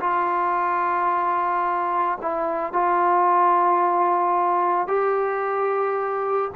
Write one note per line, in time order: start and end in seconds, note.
0.00 2.18 F4
2.21 2.73 E4
2.73 4.87 F4
4.87 6.51 G4